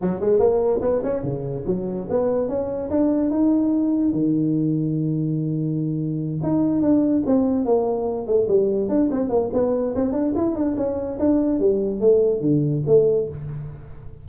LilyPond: \new Staff \with { instrumentName = "tuba" } { \time 4/4 \tempo 4 = 145 fis8 gis8 ais4 b8 cis'8 cis4 | fis4 b4 cis'4 d'4 | dis'2 dis2~ | dis2.~ dis8 dis'8~ |
dis'8 d'4 c'4 ais4. | a8 g4 d'8 c'8 ais8 b4 | c'8 d'8 e'8 d'8 cis'4 d'4 | g4 a4 d4 a4 | }